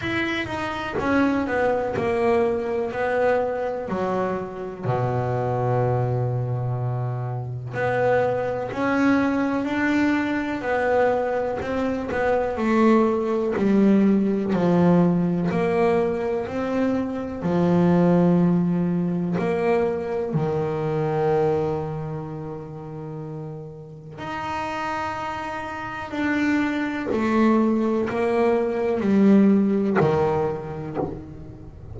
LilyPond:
\new Staff \with { instrumentName = "double bass" } { \time 4/4 \tempo 4 = 62 e'8 dis'8 cis'8 b8 ais4 b4 | fis4 b,2. | b4 cis'4 d'4 b4 | c'8 b8 a4 g4 f4 |
ais4 c'4 f2 | ais4 dis2.~ | dis4 dis'2 d'4 | a4 ais4 g4 dis4 | }